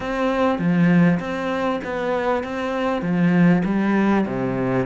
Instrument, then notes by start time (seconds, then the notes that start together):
cello
0.00 C4
0.58 F3
1.19 C4
1.84 B3
2.43 C4
3.01 F3
3.64 G3
4.26 C3